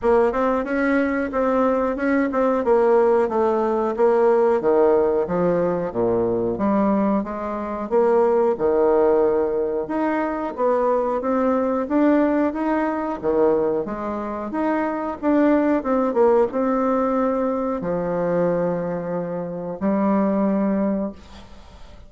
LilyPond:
\new Staff \with { instrumentName = "bassoon" } { \time 4/4 \tempo 4 = 91 ais8 c'8 cis'4 c'4 cis'8 c'8 | ais4 a4 ais4 dis4 | f4 ais,4 g4 gis4 | ais4 dis2 dis'4 |
b4 c'4 d'4 dis'4 | dis4 gis4 dis'4 d'4 | c'8 ais8 c'2 f4~ | f2 g2 | }